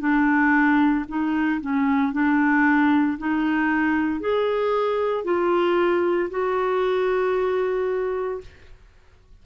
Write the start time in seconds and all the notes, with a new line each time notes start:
0.00 D4
1.08 D#4
1.61 C#4
2.12 D4
3.18 D#4
4.20 G#4
5.24 F4
6.30 F#4